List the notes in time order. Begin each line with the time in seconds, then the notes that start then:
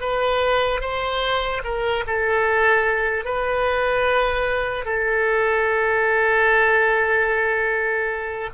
0.00 B4
0.81 C5
1.64 A#4
2.06 A4
3.24 B4
4.85 A4